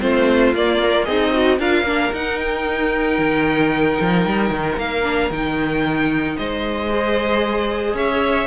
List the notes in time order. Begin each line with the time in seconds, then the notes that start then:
0.00 A3 C4 F4 C5
0.54 A#3 D5
0.81 A#4
1.04 C4 D#4 G#4 D#5
1.33 F#4
1.58 D4 F4 A#4 F5
1.82 A#3 D4
2.12 D#4 F#5
2.39 G5
3.18 D#3
4.00 F3
4.25 G3
4.50 D#3
4.77 A#3 F5
5.02 D4
5.30 D#3 D#4 G5
6.37 G#3 C5 D#5
6.89 G#4
7.93 C#4 C#5 E5